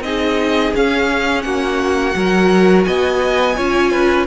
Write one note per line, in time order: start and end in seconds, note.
0.00 0.71 C4
0.00 0.74 D#4
0.00 1.46 G#4
0.00 0.73 D#5
0.74 2.12 C#4
0.74 1.44 C#4
0.74 1.42 F5
1.42 2.15 A#3
1.42 2.16 F#4
1.42 2.83 F#5
2.12 2.86 F#3
2.12 3.54 F#4
2.12 2.87 A#4
2.84 3.58 B3
2.84 3.56 D#5
2.84 4.25 G#5
3.56 4.26 C#4
3.56 4.26 F4
3.56 3.91 C#5
3.91 4.26 B4